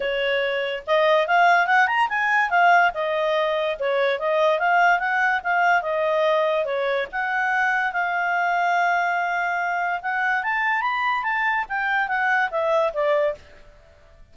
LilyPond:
\new Staff \with { instrumentName = "clarinet" } { \time 4/4 \tempo 4 = 144 cis''2 dis''4 f''4 | fis''8 ais''8 gis''4 f''4 dis''4~ | dis''4 cis''4 dis''4 f''4 | fis''4 f''4 dis''2 |
cis''4 fis''2 f''4~ | f''1 | fis''4 a''4 b''4 a''4 | g''4 fis''4 e''4 d''4 | }